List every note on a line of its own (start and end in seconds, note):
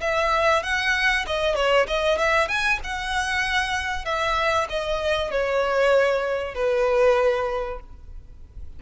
0.00 0.62 E5
0.62 1.25 F#5
1.26 1.55 D#5
1.55 1.86 C#5
1.87 2.18 D#5
2.18 2.48 E5
2.48 2.79 G#5
2.83 4.05 F#5
4.05 4.67 E5
4.69 5.31 D#5
5.31 6.54 C#5
6.54 7.79 B4